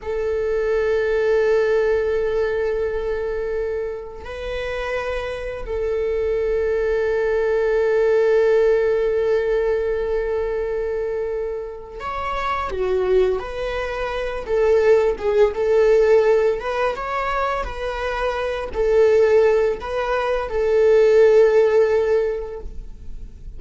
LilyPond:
\new Staff \with { instrumentName = "viola" } { \time 4/4 \tempo 4 = 85 a'1~ | a'2 b'2 | a'1~ | a'1~ |
a'4 cis''4 fis'4 b'4~ | b'8 a'4 gis'8 a'4. b'8 | cis''4 b'4. a'4. | b'4 a'2. | }